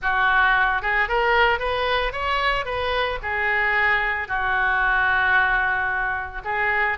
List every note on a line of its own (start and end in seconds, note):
0.01 0.82 F#4
0.82 1.08 G#4
1.08 1.59 A#4
1.59 2.12 B4
2.12 2.65 C#5
2.65 3.18 B4
3.22 4.27 G#4
4.27 6.42 F#4
6.44 6.97 G#4